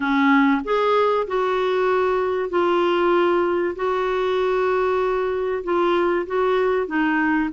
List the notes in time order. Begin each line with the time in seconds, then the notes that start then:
0.00 C#4
0.64 G#4
1.27 F#4
2.49 F4
3.75 F#4
5.63 F4
6.26 F#4
6.87 D#4